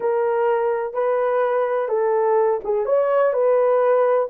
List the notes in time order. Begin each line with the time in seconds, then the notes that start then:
0.00 A#4
0.93 B4
1.88 A4
2.64 G#4
2.85 C#5
3.33 B4